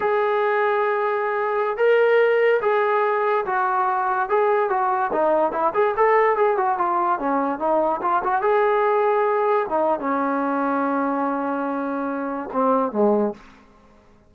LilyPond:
\new Staff \with { instrumentName = "trombone" } { \time 4/4 \tempo 4 = 144 gis'1~ | gis'16 ais'2 gis'4.~ gis'16~ | gis'16 fis'2 gis'4 fis'8.~ | fis'16 dis'4 e'8 gis'8 a'4 gis'8 fis'16~ |
fis'16 f'4 cis'4 dis'4 f'8 fis'16~ | fis'16 gis'2. dis'8. | cis'1~ | cis'2 c'4 gis4 | }